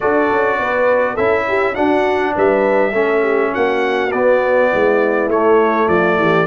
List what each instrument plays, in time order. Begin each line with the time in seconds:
0.00 tuba D4, trombone F#4, horn A4, trumpet D5
0.31 tuba C#4
0.58 tuba B3, horn B4
1.14 tuba C#4, trombone E4, horn A4, trumpet E5
1.48 horn G4
1.74 trombone D4, tuba D4, horn F#4, trumpet F#5
2.35 tuba G3, horn B4, trumpet E5
2.91 tuba A3, trombone C#4, horn A4
3.21 horn G4
3.53 tuba A#3, horn F#4, trumpet F#5
4.11 tuba B3, trombone B3, trumpet D5
4.70 tuba G#3, horn E4
5.27 tuba A3, trombone A3, trumpet C#5
5.87 tuba F3, horn F4, trumpet D5
6.17 tuba E3, horn G4